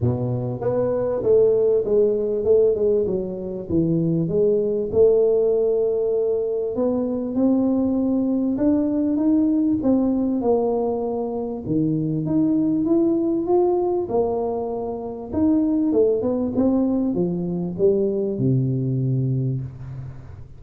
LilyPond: \new Staff \with { instrumentName = "tuba" } { \time 4/4 \tempo 4 = 98 b,4 b4 a4 gis4 | a8 gis8 fis4 e4 gis4 | a2. b4 | c'2 d'4 dis'4 |
c'4 ais2 dis4 | dis'4 e'4 f'4 ais4~ | ais4 dis'4 a8 b8 c'4 | f4 g4 c2 | }